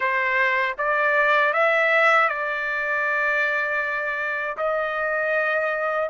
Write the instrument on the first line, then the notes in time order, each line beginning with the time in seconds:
trumpet
0.00 C5
0.78 D5
1.53 E5
2.29 D5
4.57 D#5